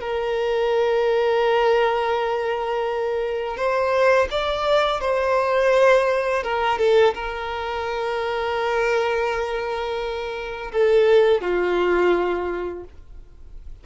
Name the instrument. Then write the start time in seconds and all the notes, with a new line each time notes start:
violin
0.00 A#4
3.56 C5
4.30 D5
5.00 C5
6.43 A#4
6.78 A4
7.14 A#4
10.71 A4
11.41 F4